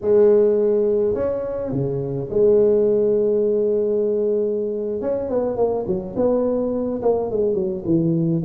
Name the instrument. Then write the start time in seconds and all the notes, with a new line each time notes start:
tuba
0.01 G#3
1.14 C#4
1.71 C#3
2.29 G#3
5.01 C#4
5.29 B3
5.56 A#3
5.86 F#3
6.16 B3
7.02 A#3
7.31 G#3
7.54 F#3
7.85 E3